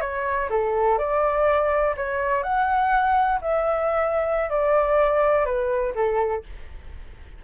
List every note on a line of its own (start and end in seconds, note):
0.00 0.48 C#5
0.49 0.98 A4
0.98 1.95 D5
1.96 2.43 C#5
2.43 3.39 F#5
3.41 4.50 E5
4.50 5.45 D5
5.45 5.93 B4
5.94 6.43 A4